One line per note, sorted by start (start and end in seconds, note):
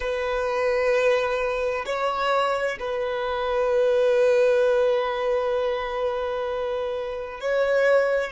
0.00 1.85 B4
1.85 2.77 C#5
2.79 7.40 B4
7.40 8.31 C#5